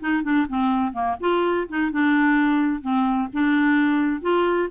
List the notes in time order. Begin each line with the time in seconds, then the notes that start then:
0.00 D#4
0.23 D4
0.49 C4
0.93 A#3
1.20 F4
1.69 D#4
1.92 D4
2.82 C4
3.33 D4
4.22 F4